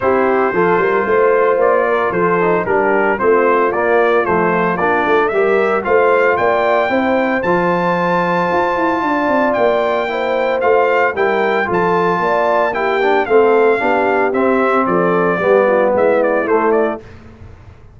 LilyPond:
<<
  \new Staff \with { instrumentName = "trumpet" } { \time 4/4 \tempo 4 = 113 c''2. d''4 | c''4 ais'4 c''4 d''4 | c''4 d''4 e''4 f''4 | g''2 a''2~ |
a''2 g''2 | f''4 g''4 a''2 | g''4 f''2 e''4 | d''2 e''8 d''8 c''8 d''8 | }
  \new Staff \with { instrumentName = "horn" } { \time 4/4 g'4 a'8 ais'8 c''4. ais'8 | a'4 g'4 f'2~ | f'2 ais'4 c''4 | d''4 c''2.~ |
c''4 d''2 c''4~ | c''4 ais'4 a'4 d''4 | g'4 a'4 g'2 | a'4 g'8 f'8 e'2 | }
  \new Staff \with { instrumentName = "trombone" } { \time 4/4 e'4 f'2.~ | f'8 dis'8 d'4 c'4 ais4 | a4 d'4 g'4 f'4~ | f'4 e'4 f'2~ |
f'2. e'4 | f'4 e'4 f'2 | e'8 d'8 c'4 d'4 c'4~ | c'4 b2 a4 | }
  \new Staff \with { instrumentName = "tuba" } { \time 4/4 c'4 f8 g8 a4 ais4 | f4 g4 a4 ais4 | f4 ais8 a8 g4 a4 | ais4 c'4 f2 |
f'8 e'8 d'8 c'8 ais2 | a4 g4 f4 ais4~ | ais4 a4 b4 c'4 | f4 g4 gis4 a4 | }
>>